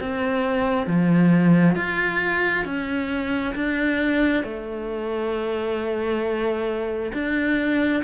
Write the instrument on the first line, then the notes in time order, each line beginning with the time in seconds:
cello
0.00 C4
0.87 F3
1.75 F4
2.65 C#4
3.55 D4
4.43 A3
7.13 D4